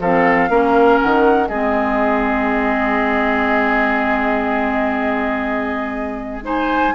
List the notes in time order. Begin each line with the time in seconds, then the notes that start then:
0.00 F3 C4 A4 F5
0.49 A#3 C#4 A#4
1.01 D#3 F#5
1.48 G#3 C4 G#4 D#5
6.43 D#4 C5 G#5